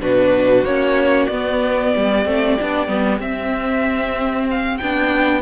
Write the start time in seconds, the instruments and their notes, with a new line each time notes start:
0.00 cello B2, viola D4, violin F#4 B4
0.64 cello A#3, viola C#4, violin C#5
1.27 cello B3, viola B3, violin D5
1.93 cello G3, violin G4
2.25 cello A3, viola C4
2.61 cello B3, viola D4
2.88 cello G3, viola B3
3.20 cello C4, viola C4, violin E5
4.51 violin F5
4.78 cello B3, viola D4, violin G5